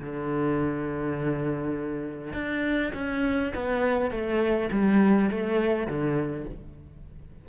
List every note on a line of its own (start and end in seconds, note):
0.00 2.33 D3
2.33 2.92 D4
2.94 3.53 C#4
3.54 4.11 B3
4.11 4.70 A3
4.72 5.30 G3
5.30 5.87 A3
5.87 6.45 D3